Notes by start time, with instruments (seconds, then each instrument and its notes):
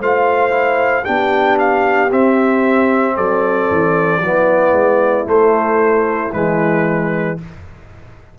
0.00 tuba A3, trombone F4, horn C5, trumpet F5
0.50 trombone E4
1.04 tuba B3, trombone D4, horn G4, trumpet G5
1.59 trumpet F5
2.11 trombone C4, tuba C4, trumpet E5
3.16 tuba F#3, horn A4, trumpet D5
3.70 tuba E3
4.20 tuba F#3, trombone B3, horn E4
4.71 tuba G#3
5.24 trombone A3, tuba A3, trumpet C5
6.32 tuba E3, trombone G#3, trumpet B4